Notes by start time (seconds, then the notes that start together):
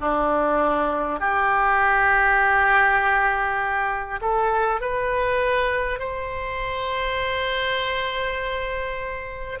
0.00 D4
1.20 G4
4.21 A4
4.80 B4
5.99 C5